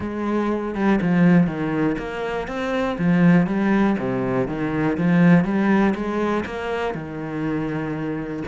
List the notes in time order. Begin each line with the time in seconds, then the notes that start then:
0.00 G#3
0.74 G3
1.01 F3
1.47 D#3
1.98 A#3
2.47 C4
2.98 F3
3.46 G3
3.98 C3
4.47 D#3
4.97 F3
5.44 G3
5.95 G#3
6.45 A#3
6.94 D#3